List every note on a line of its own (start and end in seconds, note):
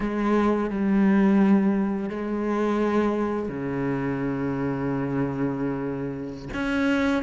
0.00 0.70 G#3
0.70 2.09 G3
2.09 3.48 G#3
3.48 6.48 C#3
6.53 7.22 C#4